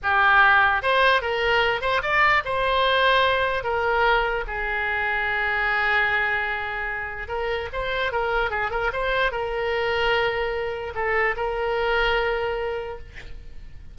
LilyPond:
\new Staff \with { instrumentName = "oboe" } { \time 4/4 \tempo 4 = 148 g'2 c''4 ais'4~ | ais'8 c''8 d''4 c''2~ | c''4 ais'2 gis'4~ | gis'1~ |
gis'2 ais'4 c''4 | ais'4 gis'8 ais'8 c''4 ais'4~ | ais'2. a'4 | ais'1 | }